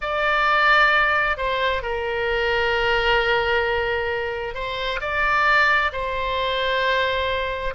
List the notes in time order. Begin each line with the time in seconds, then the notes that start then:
0.01 D5
1.37 C5
1.82 A#4
4.54 C5
5.00 D5
5.92 C5